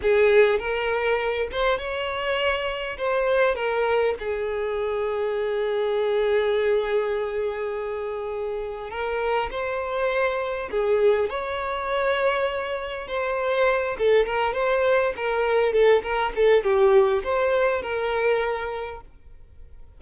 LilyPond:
\new Staff \with { instrumentName = "violin" } { \time 4/4 \tempo 4 = 101 gis'4 ais'4. c''8 cis''4~ | cis''4 c''4 ais'4 gis'4~ | gis'1~ | gis'2. ais'4 |
c''2 gis'4 cis''4~ | cis''2 c''4. a'8 | ais'8 c''4 ais'4 a'8 ais'8 a'8 | g'4 c''4 ais'2 | }